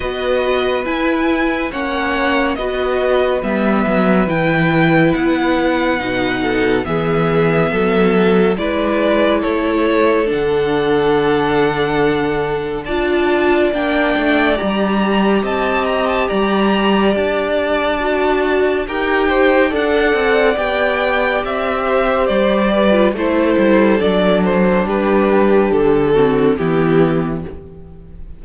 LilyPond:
<<
  \new Staff \with { instrumentName = "violin" } { \time 4/4 \tempo 4 = 70 dis''4 gis''4 fis''4 dis''4 | e''4 g''4 fis''2 | e''2 d''4 cis''4 | fis''2. a''4 |
g''4 ais''4 a''8 ais''16 a''16 ais''4 | a''2 g''4 fis''4 | g''4 e''4 d''4 c''4 | d''8 c''8 b'4 a'4 g'4 | }
  \new Staff \with { instrumentName = "violin" } { \time 4/4 b'2 cis''4 b'4~ | b'2.~ b'8 a'8 | gis'4 a'4 b'4 a'4~ | a'2. d''4~ |
d''2 dis''4 d''4~ | d''2 ais'8 c''8 d''4~ | d''4. c''4 b'8 a'4~ | a'4 g'4. fis'8 e'4 | }
  \new Staff \with { instrumentName = "viola" } { \time 4/4 fis'4 e'4 cis'4 fis'4 | b4 e'2 dis'4 | b2 e'2 | d'2. f'4 |
d'4 g'2.~ | g'4 fis'4 g'4 a'4 | g'2~ g'8. f'16 e'4 | d'2~ d'8 c'8 b4 | }
  \new Staff \with { instrumentName = "cello" } { \time 4/4 b4 e'4 ais4 b4 | g8 fis8 e4 b4 b,4 | e4 fis4 gis4 a4 | d2. d'4 |
ais8 a8 g4 c'4 g4 | d'2 dis'4 d'8 c'8 | b4 c'4 g4 a8 g8 | fis4 g4 d4 e4 | }
>>